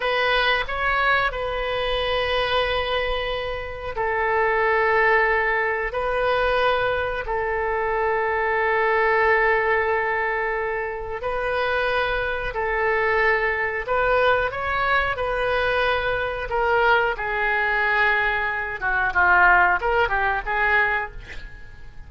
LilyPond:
\new Staff \with { instrumentName = "oboe" } { \time 4/4 \tempo 4 = 91 b'4 cis''4 b'2~ | b'2 a'2~ | a'4 b'2 a'4~ | a'1~ |
a'4 b'2 a'4~ | a'4 b'4 cis''4 b'4~ | b'4 ais'4 gis'2~ | gis'8 fis'8 f'4 ais'8 g'8 gis'4 | }